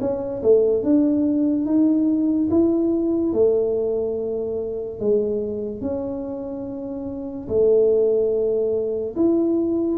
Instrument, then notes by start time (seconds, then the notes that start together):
tuba
0.00 C#4
0.42 A3
0.83 D4
1.65 D#4
2.50 E4
3.33 A3
4.99 G#3
5.81 C#4
7.48 A3
9.16 E4